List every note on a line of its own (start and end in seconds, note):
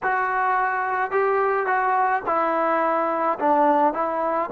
0.02 1.11 F#4
1.11 1.66 G4
1.66 2.22 F#4
2.26 3.38 E4
3.39 3.93 D4
3.93 4.49 E4